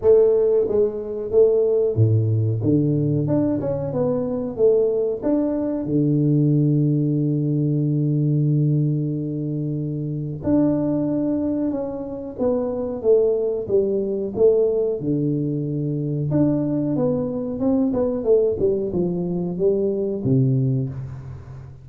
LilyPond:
\new Staff \with { instrumentName = "tuba" } { \time 4/4 \tempo 4 = 92 a4 gis4 a4 a,4 | d4 d'8 cis'8 b4 a4 | d'4 d2.~ | d1 |
d'2 cis'4 b4 | a4 g4 a4 d4~ | d4 d'4 b4 c'8 b8 | a8 g8 f4 g4 c4 | }